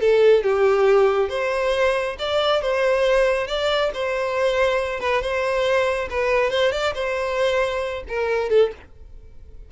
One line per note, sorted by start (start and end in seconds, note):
0.00 0.43 A4
0.43 1.29 G4
1.29 2.16 C5
2.19 2.61 D5
2.61 3.47 C5
3.47 3.91 D5
3.94 5.00 C5
5.00 5.21 B4
5.21 6.08 C5
6.10 6.50 B4
6.50 6.72 C5
6.72 6.93 D5
6.94 8.03 C5
8.08 8.50 A#4
8.50 8.71 A4